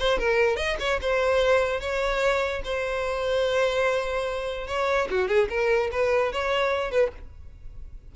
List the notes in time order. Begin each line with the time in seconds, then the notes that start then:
0.00 C5
0.19 A#4
0.57 D#5
0.80 C#5
1.02 C5
1.81 C#5
2.65 C5
4.67 C#5
5.11 F#4
5.28 G#4
5.50 A#4
5.92 B4
6.33 C#5
6.91 B4